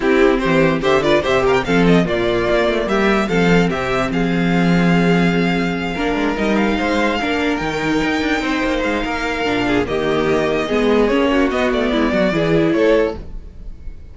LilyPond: <<
  \new Staff \with { instrumentName = "violin" } { \time 4/4 \tempo 4 = 146 g'4 c''4 e''8 d''8 e''8 f''16 g''16 | f''8 dis''8 d''2 e''4 | f''4 e''4 f''2~ | f''2.~ f''8 dis''8 |
f''2~ f''8 g''4.~ | g''4. f''2~ f''8 | dis''2. cis''4 | dis''8 d''2~ d''8 cis''4 | }
  \new Staff \with { instrumentName = "violin" } { \time 4/4 e'4 g'4 c''8 b'8 c''8 ais'8 | a'4 f'2 g'4 | a'4 g'4 gis'2~ | gis'2~ gis'8 ais'4.~ |
ais'8 c''4 ais'2~ ais'8~ | ais'8 c''4. ais'4. gis'8 | g'2 gis'4. fis'8~ | fis'4 e'8 fis'8 gis'4 a'4 | }
  \new Staff \with { instrumentName = "viola" } { \time 4/4 c'2 g'8 f'8 g'4 | c'4 ais2. | c'1~ | c'2~ c'8 d'4 dis'8~ |
dis'4. d'4 dis'4.~ | dis'2. d'4 | ais2 b4 cis'4 | b2 e'2 | }
  \new Staff \with { instrumentName = "cello" } { \time 4/4 c'4 e4 d4 c4 | f4 ais,4 ais8 a8 g4 | f4 c4 f2~ | f2~ f8 ais8 gis8 g8~ |
g8 gis4 ais4 dis4 dis'8 | d'8 c'8 ais8 gis8 ais4 ais,4 | dis2 gis4 ais4 | b8 a8 gis8 fis8 e4 a4 | }
>>